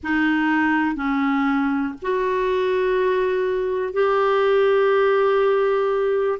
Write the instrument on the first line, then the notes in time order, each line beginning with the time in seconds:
clarinet
0.03 D#4
0.95 C#4
2.02 F#4
3.93 G4